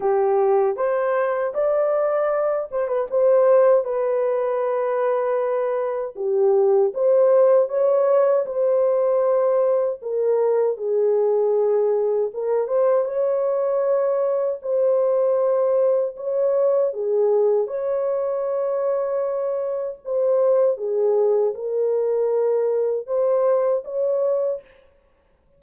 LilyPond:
\new Staff \with { instrumentName = "horn" } { \time 4/4 \tempo 4 = 78 g'4 c''4 d''4. c''16 b'16 | c''4 b'2. | g'4 c''4 cis''4 c''4~ | c''4 ais'4 gis'2 |
ais'8 c''8 cis''2 c''4~ | c''4 cis''4 gis'4 cis''4~ | cis''2 c''4 gis'4 | ais'2 c''4 cis''4 | }